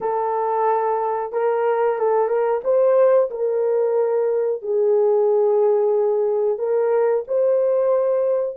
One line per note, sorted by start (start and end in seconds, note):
0.01 1.32 A4
1.32 1.98 A#4
1.98 2.27 A4
2.27 2.60 A#4
2.63 3.29 C5
3.30 4.62 A#4
4.62 6.58 G#4
6.58 7.24 A#4
7.27 8.57 C5